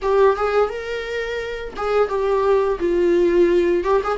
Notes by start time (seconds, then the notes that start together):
0.02 G4
0.36 G#4
0.69 A#4
1.76 G#4
2.08 G4
2.79 F4
3.84 G4
4.03 G#4